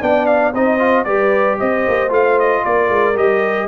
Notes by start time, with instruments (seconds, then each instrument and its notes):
0.00 tuba B3, trombone D4, horn D5, trumpet G5
0.26 trumpet F5
0.53 tuba C4, trombone D#4, horn C5, trumpet D#5
0.79 trombone F4
1.04 tuba G3, trombone G4, horn B4, trumpet D5
1.59 tuba C4, horn C5, trumpet D#5
1.87 tuba A#3
2.09 tuba A3, trombone F4, trumpet F5
2.39 trumpet D#5
2.64 tuba A#3, horn A#4, trumpet D5
2.89 tuba G#3
3.15 tuba G3, trombone G4, trumpet D#5